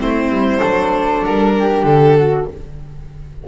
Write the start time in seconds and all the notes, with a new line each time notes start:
0.00 A3 C4 E4 C5
0.30 G3
0.60 F#3 D4 A4
1.25 G3 A#4
1.59 G4
1.84 D3 A4
2.17 F#4